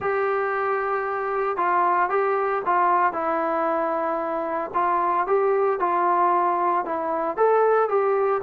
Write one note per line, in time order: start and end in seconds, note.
0.00 1.56 G4
1.56 2.09 F4
2.09 2.62 G4
2.65 3.12 F4
3.12 4.70 E4
4.74 5.26 F4
5.26 5.79 G4
5.79 6.85 F4
6.85 7.36 E4
7.36 7.89 A4
7.89 8.41 G4